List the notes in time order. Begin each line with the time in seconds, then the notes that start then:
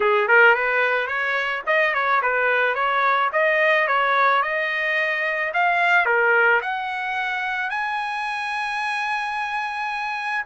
0.00 G#4
0.28 A#4
0.54 B4
1.07 C#5
1.66 D#5
1.93 C#5
2.22 B4
2.74 C#5
3.32 D#5
3.87 C#5
4.42 D#5
5.53 F5
6.05 A#4
6.61 F#5
7.70 G#5